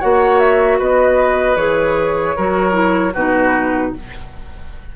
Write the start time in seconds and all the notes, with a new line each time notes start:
0.00 A#3 F#4 C#5 F#5
0.40 E5
0.79 B3 B4 D#5
1.56 E3 G#4 C#5
2.37 F#3 F#4 A#4
2.72 E4
3.14 B2 D#4 F#4 B4